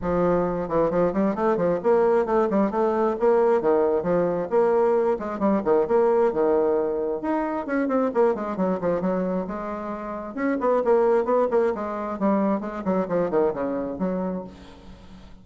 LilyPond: \new Staff \with { instrumentName = "bassoon" } { \time 4/4 \tempo 4 = 133 f4. e8 f8 g8 a8 f8 | ais4 a8 g8 a4 ais4 | dis4 f4 ais4. gis8 | g8 dis8 ais4 dis2 |
dis'4 cis'8 c'8 ais8 gis8 fis8 f8 | fis4 gis2 cis'8 b8 | ais4 b8 ais8 gis4 g4 | gis8 fis8 f8 dis8 cis4 fis4 | }